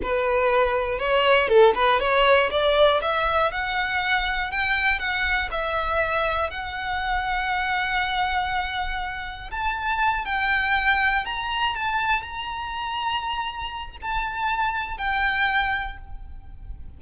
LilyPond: \new Staff \with { instrumentName = "violin" } { \time 4/4 \tempo 4 = 120 b'2 cis''4 a'8 b'8 | cis''4 d''4 e''4 fis''4~ | fis''4 g''4 fis''4 e''4~ | e''4 fis''2.~ |
fis''2. a''4~ | a''8 g''2 ais''4 a''8~ | a''8 ais''2.~ ais''8 | a''2 g''2 | }